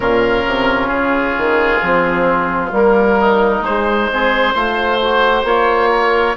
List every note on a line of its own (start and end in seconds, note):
0.00 0.45 A#2
0.00 1.79 C#4
0.00 3.19 F4
0.00 0.88 A#4
0.46 0.89 C3
0.88 1.35 C#3
0.88 2.70 G#4
1.37 1.81 D#3
1.81 2.71 F3
1.81 2.72 C4
2.71 3.61 G3
2.71 3.62 A#3
2.71 3.64 A#4
3.19 4.10 D#4
3.61 4.52 G#3
3.61 4.10 G#3
3.61 5.46 C5
4.10 4.55 C4
4.10 4.53 G#4
4.53 5.43 A3
4.53 5.00 F4
4.53 5.90 C5
5.01 5.45 F#4
5.43 6.34 A#3
5.43 6.36 F4
5.43 6.36 C#5
5.90 6.36 A#4